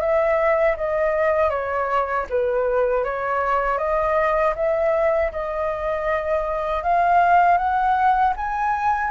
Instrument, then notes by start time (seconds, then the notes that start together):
flute
0.00 E5
0.77 D#5
1.50 C#5
2.30 B4
3.04 C#5
3.78 D#5
4.56 E5
5.32 D#5
6.83 F5
7.58 F#5
8.36 G#5